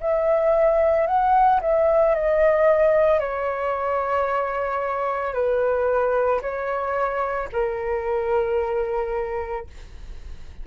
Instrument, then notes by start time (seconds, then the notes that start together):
flute
0.00 E5
1.07 F#5
1.61 E5
2.15 D#5
3.19 C#5
5.33 B4
6.41 C#5
7.52 A#4